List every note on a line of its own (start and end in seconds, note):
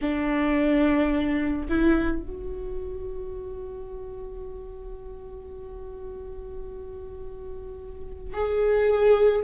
0.01 1.67 D4
1.69 2.22 E4
2.22 8.33 F#4
8.33 9.43 G#4